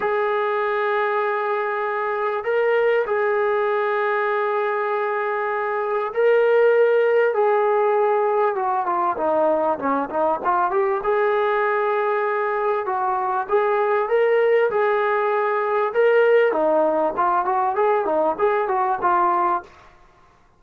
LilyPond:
\new Staff \with { instrumentName = "trombone" } { \time 4/4 \tempo 4 = 98 gis'1 | ais'4 gis'2.~ | gis'2 ais'2 | gis'2 fis'8 f'8 dis'4 |
cis'8 dis'8 f'8 g'8 gis'2~ | gis'4 fis'4 gis'4 ais'4 | gis'2 ais'4 dis'4 | f'8 fis'8 gis'8 dis'8 gis'8 fis'8 f'4 | }